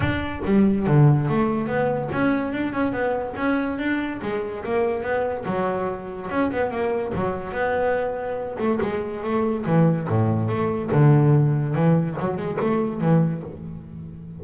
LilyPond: \new Staff \with { instrumentName = "double bass" } { \time 4/4 \tempo 4 = 143 d'4 g4 d4 a4 | b4 cis'4 d'8 cis'8 b4 | cis'4 d'4 gis4 ais4 | b4 fis2 cis'8 b8 |
ais4 fis4 b2~ | b8 a8 gis4 a4 e4 | a,4 a4 d2 | e4 fis8 gis8 a4 e4 | }